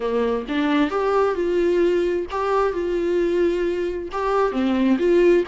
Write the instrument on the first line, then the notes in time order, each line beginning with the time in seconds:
viola
0.00 A#3
0.48 D4
0.90 G4
1.35 F4
2.30 G4
2.73 F4
4.11 G4
4.51 C4
4.98 F4